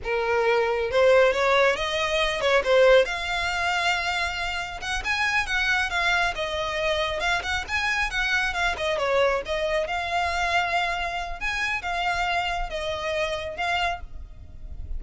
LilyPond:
\new Staff \with { instrumentName = "violin" } { \time 4/4 \tempo 4 = 137 ais'2 c''4 cis''4 | dis''4. cis''8 c''4 f''4~ | f''2. fis''8 gis''8~ | gis''8 fis''4 f''4 dis''4.~ |
dis''8 f''8 fis''8 gis''4 fis''4 f''8 | dis''8 cis''4 dis''4 f''4.~ | f''2 gis''4 f''4~ | f''4 dis''2 f''4 | }